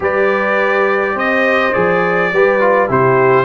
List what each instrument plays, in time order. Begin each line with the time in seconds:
0.00 tuba G3, trombone G4, horn B4, trumpet D5
1.14 tuba C4, horn C5, trumpet D#5
1.73 tuba F3, trombone G#4, trumpet D5
2.32 tuba G3, trombone G4, horn B4
2.60 trombone F4
2.88 tuba C3, trombone E4, horn G4, trumpet C5